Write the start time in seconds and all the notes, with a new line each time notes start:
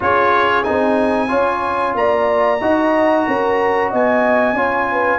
0.00 C#4 F4 G#4 C#5
0.63 C4 D#4 G#5
1.28 C#4 F4 C#5
1.94 A#3 D5 A#5
2.60 D#4 F#4 D#5
3.27 C#4 A#4
3.89 B3 D#5 G#5
4.53 C#4 F4 C#5
4.91 B4